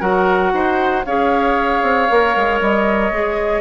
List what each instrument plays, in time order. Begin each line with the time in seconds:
0.00 bassoon F#3, clarinet F#4, oboe A#4, flute F#5
0.53 bassoon D#4, oboe C5
1.05 bassoon C#4, clarinet G#4, oboe C#5, flute F5
1.83 bassoon C4
2.10 bassoon A#3, clarinet A#4
2.36 bassoon G#3
2.61 bassoon G3, flute D#5
3.11 bassoon G#3, clarinet G#4